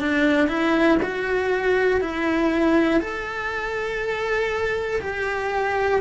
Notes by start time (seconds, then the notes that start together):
0.00 D4
0.48 E4
1.02 F#4
2.01 E4
3.00 A4
5.01 G4